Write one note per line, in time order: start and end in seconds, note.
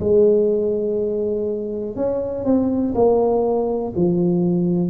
0.00 1.96 G#3
1.96 2.45 C#4
2.45 2.94 C4
2.95 3.93 A#3
3.96 4.90 F3